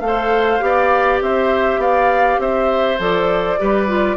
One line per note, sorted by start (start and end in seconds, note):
0.00 0.59 A3
0.00 0.60 A4
0.00 1.19 F5
0.07 0.64 C5
0.60 1.21 B3
0.60 2.97 G4
0.60 1.24 D5
1.21 1.78 C4
1.21 1.81 C5
1.21 1.81 E5
1.78 2.37 B3
1.78 2.40 D5
1.78 2.40 F5
2.39 2.98 C4
2.39 3.60 C5
2.39 3.00 E5
2.99 3.58 F3
2.99 3.58 A4
2.99 4.17 D5
3.58 4.17 G3
3.58 3.87 G4
3.58 4.17 B4
3.87 4.17 F4